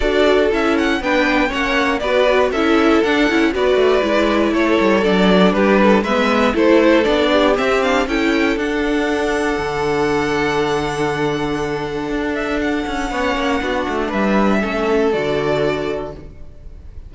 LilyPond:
<<
  \new Staff \with { instrumentName = "violin" } { \time 4/4 \tempo 4 = 119 d''4 e''8 fis''8 g''4 fis''4 | d''4 e''4 fis''4 d''4~ | d''4 cis''4 d''4 b'4 | e''4 c''4 d''4 e''8 f''8 |
g''4 fis''2.~ | fis''1~ | fis''8 e''8 fis''2. | e''2 d''2 | }
  \new Staff \with { instrumentName = "violin" } { \time 4/4 a'2 b'4 cis''4 | b'4 a'2 b'4~ | b'4 a'2 g'8 a'8 | b'4 a'4. g'4. |
a'1~ | a'1~ | a'2 cis''4 fis'4 | b'4 a'2. | }
  \new Staff \with { instrumentName = "viola" } { \time 4/4 fis'4 e'4 d'4 cis'4 | fis'4 e'4 d'8 e'8 fis'4 | e'2 d'2 | b4 e'4 d'4 c'8 d'8 |
e'4 d'2.~ | d'1~ | d'2 cis'4 d'4~ | d'4 cis'4 fis'2 | }
  \new Staff \with { instrumentName = "cello" } { \time 4/4 d'4 cis'4 b4 ais4 | b4 cis'4 d'8 cis'8 b8 a8 | gis4 a8 g8 fis4 g4 | gis4 a4 b4 c'4 |
cis'4 d'2 d4~ | d1 | d'4. cis'8 b8 ais8 b8 a8 | g4 a4 d2 | }
>>